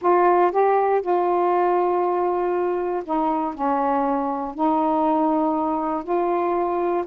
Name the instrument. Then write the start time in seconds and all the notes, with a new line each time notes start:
saxophone
0.01 F4
0.51 G4
1.01 F4
3.05 D#4
3.54 C#4
4.54 D#4
6.03 F4